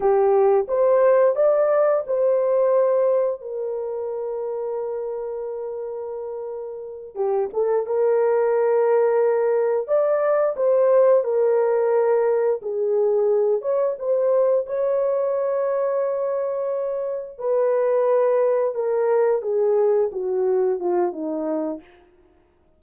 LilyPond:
\new Staff \with { instrumentName = "horn" } { \time 4/4 \tempo 4 = 88 g'4 c''4 d''4 c''4~ | c''4 ais'2.~ | ais'2~ ais'8 g'8 a'8 ais'8~ | ais'2~ ais'8 d''4 c''8~ |
c''8 ais'2 gis'4. | cis''8 c''4 cis''2~ cis''8~ | cis''4. b'2 ais'8~ | ais'8 gis'4 fis'4 f'8 dis'4 | }